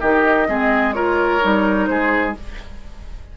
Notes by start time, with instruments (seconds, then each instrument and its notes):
0.00 bassoon D#3, clarinet D#4, oboe G4, flute D#5
0.47 bassoon G#3, clarinet C4, oboe G#4
0.93 clarinet F4, oboe A#4, flute C#5
1.40 bassoon G3, clarinet D#4
1.86 bassoon G#3, oboe G#4, flute C5